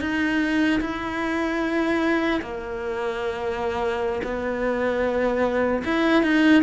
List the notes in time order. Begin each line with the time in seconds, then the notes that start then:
0.00 D#4
0.81 E4
2.41 A#3
4.23 B3
5.84 E4
6.23 D#4